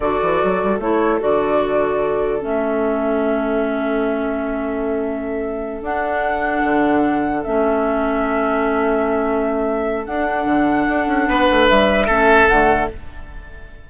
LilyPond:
<<
  \new Staff \with { instrumentName = "flute" } { \time 4/4 \tempo 4 = 149 d''2 cis''4 d''4~ | d''2 e''2~ | e''1~ | e''2~ e''8 fis''4.~ |
fis''2~ fis''8 e''4.~ | e''1~ | e''4 fis''2.~ | fis''4 e''2 fis''4 | }
  \new Staff \with { instrumentName = "oboe" } { \time 4/4 a'1~ | a'1~ | a'1~ | a'1~ |
a'1~ | a'1~ | a'1 | b'2 a'2 | }
  \new Staff \with { instrumentName = "clarinet" } { \time 4/4 fis'2 e'4 fis'4~ | fis'2 cis'2~ | cis'1~ | cis'2~ cis'8 d'4.~ |
d'2~ d'8 cis'4.~ | cis'1~ | cis'4 d'2.~ | d'2 cis'4 a4 | }
  \new Staff \with { instrumentName = "bassoon" } { \time 4/4 d8 e8 fis8 g8 a4 d4~ | d2 a2~ | a1~ | a2~ a8 d'4.~ |
d'8 d2 a4.~ | a1~ | a4 d'4 d4 d'8 cis'8 | b8 a8 g4 a4 d4 | }
>>